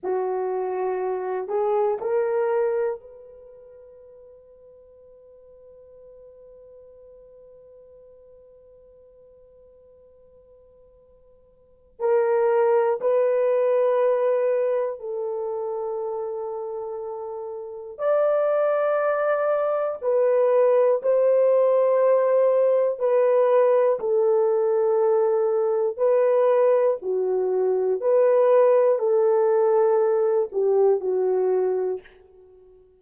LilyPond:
\new Staff \with { instrumentName = "horn" } { \time 4/4 \tempo 4 = 60 fis'4. gis'8 ais'4 b'4~ | b'1~ | b'1 | ais'4 b'2 a'4~ |
a'2 d''2 | b'4 c''2 b'4 | a'2 b'4 fis'4 | b'4 a'4. g'8 fis'4 | }